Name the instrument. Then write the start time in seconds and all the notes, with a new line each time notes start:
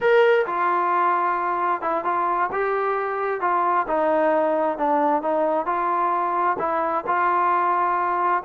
trombone
0.00 A#4
0.46 F4
1.81 E4
2.04 F4
2.51 G4
3.40 F4
3.87 D#4
4.77 D4
5.22 D#4
5.65 F4
6.58 E4
7.07 F4